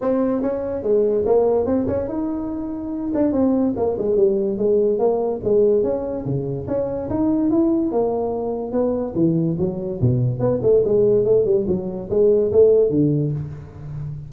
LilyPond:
\new Staff \with { instrumentName = "tuba" } { \time 4/4 \tempo 4 = 144 c'4 cis'4 gis4 ais4 | c'8 cis'8 dis'2~ dis'8 d'8 | c'4 ais8 gis8 g4 gis4 | ais4 gis4 cis'4 cis4 |
cis'4 dis'4 e'4 ais4~ | ais4 b4 e4 fis4 | b,4 b8 a8 gis4 a8 g8 | fis4 gis4 a4 d4 | }